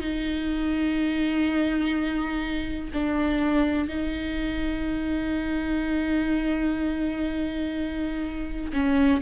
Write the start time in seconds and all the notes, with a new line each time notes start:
0.00 D#4
2.93 D4
3.88 D#4
8.73 C#4